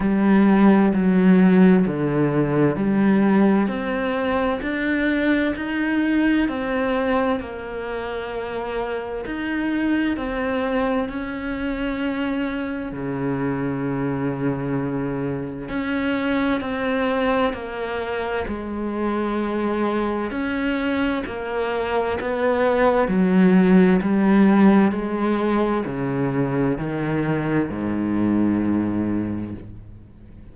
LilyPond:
\new Staff \with { instrumentName = "cello" } { \time 4/4 \tempo 4 = 65 g4 fis4 d4 g4 | c'4 d'4 dis'4 c'4 | ais2 dis'4 c'4 | cis'2 cis2~ |
cis4 cis'4 c'4 ais4 | gis2 cis'4 ais4 | b4 fis4 g4 gis4 | cis4 dis4 gis,2 | }